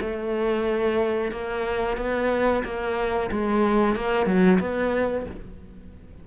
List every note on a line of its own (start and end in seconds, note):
0.00 1.31 A3
1.31 1.97 A#3
1.97 2.63 B3
2.64 3.30 A#3
3.31 3.95 G#3
3.95 4.26 A#3
4.26 4.59 F#3
4.59 5.25 B3